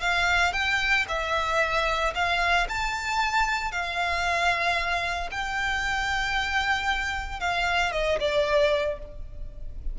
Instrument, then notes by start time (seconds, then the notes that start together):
violin
0.00 F5
0.52 G5
1.08 E5
2.14 F5
2.68 A5
3.71 F5
5.31 G5
7.39 F5
7.92 D#5
8.19 D5